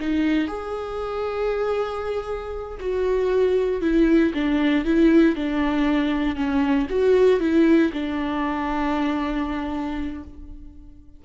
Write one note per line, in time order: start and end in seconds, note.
0.00 0.47 D#4
0.47 2.78 G#4
2.80 3.81 F#4
3.81 4.32 E4
4.34 4.85 D4
4.85 5.35 E4
5.35 6.36 D4
6.36 6.87 C#4
6.90 7.40 F#4
7.40 7.91 E4
7.93 10.23 D4